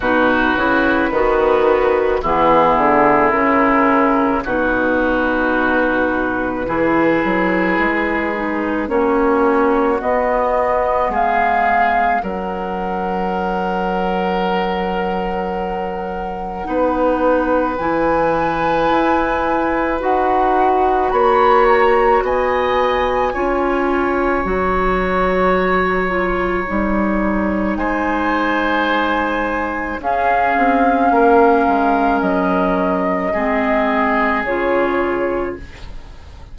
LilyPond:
<<
  \new Staff \with { instrumentName = "flute" } { \time 4/4 \tempo 4 = 54 b'2 gis'4 ais'4 | b'1 | cis''4 dis''4 f''4 fis''4~ | fis''1 |
gis''2 fis''4 b''8 ais''8 | gis''2 ais''2~ | ais''4 gis''2 f''4~ | f''4 dis''2 cis''4 | }
  \new Staff \with { instrumentName = "oboe" } { \time 4/4 fis'4 b4 e'2 | fis'2 gis'2 | fis'2 gis'4 ais'4~ | ais'2. b'4~ |
b'2. cis''4 | dis''4 cis''2.~ | cis''4 c''2 gis'4 | ais'2 gis'2 | }
  \new Staff \with { instrumentName = "clarinet" } { \time 4/4 dis'8 e'8 fis'4 b4 cis'4 | dis'2 e'4. dis'8 | cis'4 b2 cis'4~ | cis'2. dis'4 |
e'2 fis'2~ | fis'4 f'4 fis'4. f'8 | dis'2. cis'4~ | cis'2 c'4 f'4 | }
  \new Staff \with { instrumentName = "bassoon" } { \time 4/4 b,8 cis8 dis4 e8 d8 cis4 | b,2 e8 fis8 gis4 | ais4 b4 gis4 fis4~ | fis2. b4 |
e4 e'4 dis'4 ais4 | b4 cis'4 fis2 | g4 gis2 cis'8 c'8 | ais8 gis8 fis4 gis4 cis4 | }
>>